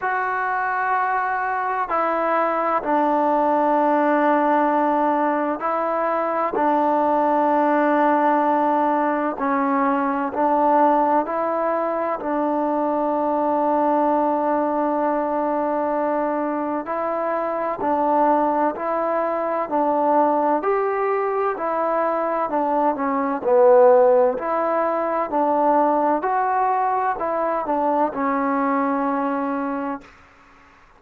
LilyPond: \new Staff \with { instrumentName = "trombone" } { \time 4/4 \tempo 4 = 64 fis'2 e'4 d'4~ | d'2 e'4 d'4~ | d'2 cis'4 d'4 | e'4 d'2.~ |
d'2 e'4 d'4 | e'4 d'4 g'4 e'4 | d'8 cis'8 b4 e'4 d'4 | fis'4 e'8 d'8 cis'2 | }